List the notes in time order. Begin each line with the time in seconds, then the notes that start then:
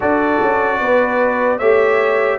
0.00 D4 F#4 A4 D5
0.41 C#4
0.80 B3 B4
1.58 A3 G4 C#5 E5